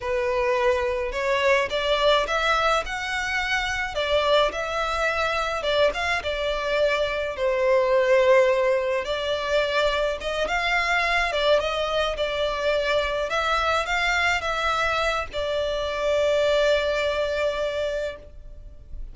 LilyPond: \new Staff \with { instrumentName = "violin" } { \time 4/4 \tempo 4 = 106 b'2 cis''4 d''4 | e''4 fis''2 d''4 | e''2 d''8 f''8 d''4~ | d''4 c''2. |
d''2 dis''8 f''4. | d''8 dis''4 d''2 e''8~ | e''8 f''4 e''4. d''4~ | d''1 | }